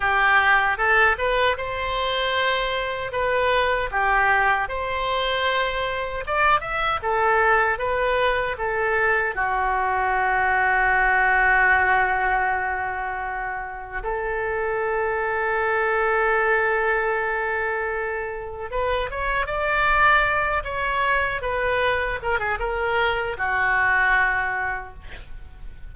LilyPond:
\new Staff \with { instrumentName = "oboe" } { \time 4/4 \tempo 4 = 77 g'4 a'8 b'8 c''2 | b'4 g'4 c''2 | d''8 e''8 a'4 b'4 a'4 | fis'1~ |
fis'2 a'2~ | a'1 | b'8 cis''8 d''4. cis''4 b'8~ | b'8 ais'16 gis'16 ais'4 fis'2 | }